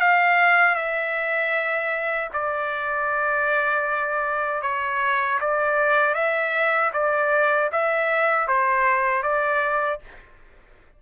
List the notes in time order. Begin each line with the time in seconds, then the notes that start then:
0.00 F5
0.76 E5
2.33 D5
4.62 C#5
5.41 D5
6.15 E5
6.93 D5
7.72 E5
8.48 C5
9.23 D5